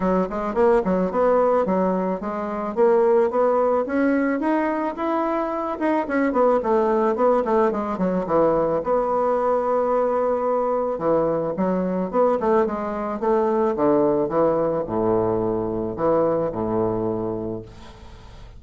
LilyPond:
\new Staff \with { instrumentName = "bassoon" } { \time 4/4 \tempo 4 = 109 fis8 gis8 ais8 fis8 b4 fis4 | gis4 ais4 b4 cis'4 | dis'4 e'4. dis'8 cis'8 b8 | a4 b8 a8 gis8 fis8 e4 |
b1 | e4 fis4 b8 a8 gis4 | a4 d4 e4 a,4~ | a,4 e4 a,2 | }